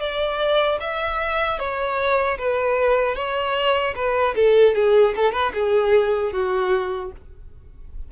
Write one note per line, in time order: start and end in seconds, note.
0.00 0.79 D5
0.80 1.59 E5
1.59 2.38 C#5
2.38 3.15 B4
3.15 3.94 C#5
3.95 4.35 B4
4.36 4.75 A4
4.75 5.15 G#4
5.16 5.33 A4
5.33 5.52 B4
5.54 6.33 G#4
6.33 7.12 F#4